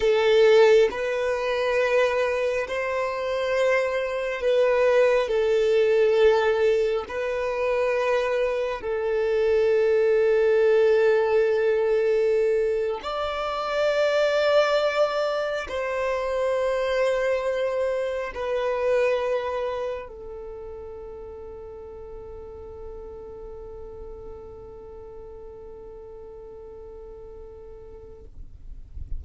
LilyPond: \new Staff \with { instrumentName = "violin" } { \time 4/4 \tempo 4 = 68 a'4 b'2 c''4~ | c''4 b'4 a'2 | b'2 a'2~ | a'2~ a'8. d''4~ d''16~ |
d''4.~ d''16 c''2~ c''16~ | c''8. b'2 a'4~ a'16~ | a'1~ | a'1 | }